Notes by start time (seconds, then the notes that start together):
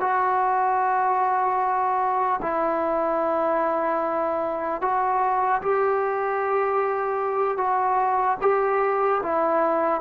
0.00 F#4
2.41 E4
4.81 F#4
5.61 G4
7.57 F#4
8.41 G4
9.23 E4